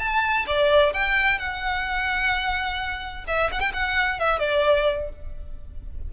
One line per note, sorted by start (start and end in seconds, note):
0.00 0.47 A5
0.47 0.94 D5
0.94 1.39 G5
1.39 3.25 F#5
3.28 3.51 E5
3.52 3.61 F#5
3.61 3.72 G5
3.74 4.20 F#5
4.20 4.40 E5
4.40 5.10 D5